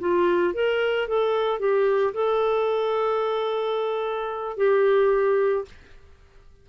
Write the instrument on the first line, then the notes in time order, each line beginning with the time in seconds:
clarinet
0.00 F4
0.54 A#4
1.08 A4
1.60 G4
2.14 A4
4.57 G4